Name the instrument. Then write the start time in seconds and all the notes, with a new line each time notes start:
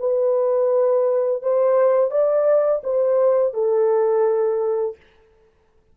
horn
0.00 B4
1.43 C5
2.11 D5
2.84 C5
3.54 A4